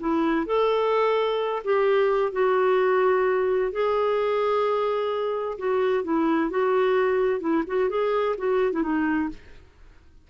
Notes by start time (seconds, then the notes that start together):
0.00 E4
0.46 A4
1.64 G4
2.32 F#4
3.72 G#4
5.58 F#4
6.04 E4
6.50 F#4
7.40 E4
7.67 F#4
7.89 G#4
8.38 F#4
8.73 E4
8.83 D#4